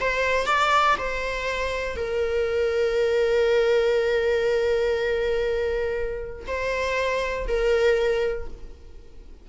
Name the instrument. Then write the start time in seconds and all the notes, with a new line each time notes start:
viola
0.00 C5
0.46 D5
0.98 C5
1.96 A#4
6.47 C5
7.47 A#4